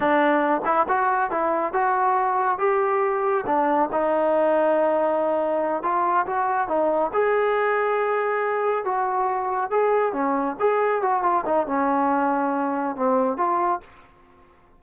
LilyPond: \new Staff \with { instrumentName = "trombone" } { \time 4/4 \tempo 4 = 139 d'4. e'8 fis'4 e'4 | fis'2 g'2 | d'4 dis'2.~ | dis'4. f'4 fis'4 dis'8~ |
dis'8 gis'2.~ gis'8~ | gis'8 fis'2 gis'4 cis'8~ | cis'8 gis'4 fis'8 f'8 dis'8 cis'4~ | cis'2 c'4 f'4 | }